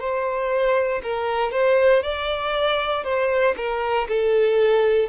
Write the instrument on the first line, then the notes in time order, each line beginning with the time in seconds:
violin
0.00 C5
1.03 A#4
1.52 C5
2.03 D5
3.04 C5
3.57 A#4
4.09 A4